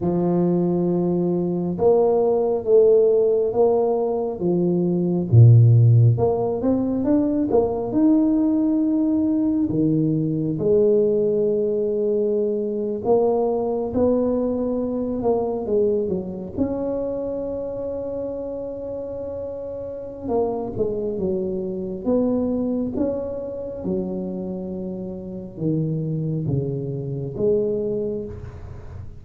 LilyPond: \new Staff \with { instrumentName = "tuba" } { \time 4/4 \tempo 4 = 68 f2 ais4 a4 | ais4 f4 ais,4 ais8 c'8 | d'8 ais8 dis'2 dis4 | gis2~ gis8. ais4 b16~ |
b4~ b16 ais8 gis8 fis8 cis'4~ cis'16~ | cis'2. ais8 gis8 | fis4 b4 cis'4 fis4~ | fis4 dis4 cis4 gis4 | }